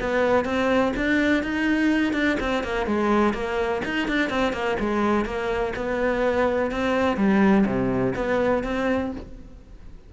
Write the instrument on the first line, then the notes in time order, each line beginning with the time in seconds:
cello
0.00 B3
0.45 C4
0.97 D4
1.44 D#4
2.14 D4
2.40 C4
2.64 A#3
2.87 G#3
3.34 A#3
3.85 D#4
4.08 D4
4.30 C4
4.53 A#3
4.80 G#3
5.26 A#3
5.76 B3
6.71 C4
7.17 G3
7.66 C3
8.16 B3
8.64 C4